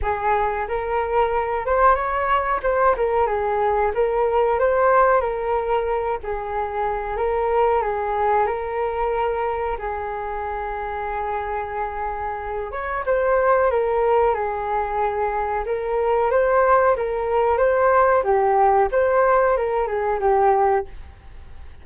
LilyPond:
\new Staff \with { instrumentName = "flute" } { \time 4/4 \tempo 4 = 92 gis'4 ais'4. c''8 cis''4 | c''8 ais'8 gis'4 ais'4 c''4 | ais'4. gis'4. ais'4 | gis'4 ais'2 gis'4~ |
gis'2.~ gis'8 cis''8 | c''4 ais'4 gis'2 | ais'4 c''4 ais'4 c''4 | g'4 c''4 ais'8 gis'8 g'4 | }